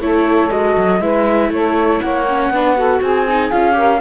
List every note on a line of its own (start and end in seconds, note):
0.00 0.50 A3
0.00 0.50 E4
0.00 1.01 A4
0.00 0.51 C#5
0.50 0.77 G#3
0.50 1.00 F#4
0.50 1.01 D#5
0.78 1.00 F#3
1.00 1.50 G#3
1.00 2.26 E4
1.00 1.51 B4
1.00 1.51 E5
1.50 2.00 A3
1.50 2.03 A4
1.50 2.01 C#5
2.01 2.50 A#3
2.01 2.53 C#5
2.01 3.01 F#5
2.29 2.54 C#4
2.50 3.00 B3
2.50 2.76 D4
2.50 2.77 B4
2.76 3.26 F#4
2.76 3.02 A4
3.02 3.52 C4
3.02 3.76 G#4
3.02 3.51 G#5
3.29 3.52 D#4
3.51 4.01 C#4
3.51 3.73 F4
3.51 4.01 F5
3.73 3.98 G4
3.73 4.01 A#4